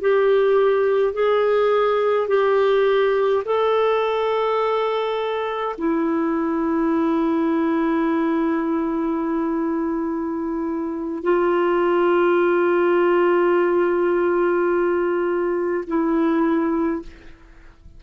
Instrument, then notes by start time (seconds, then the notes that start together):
clarinet
0.00 G4
1.13 G#4
2.28 G4
3.45 A4
5.77 E4
11.22 F4
15.87 E4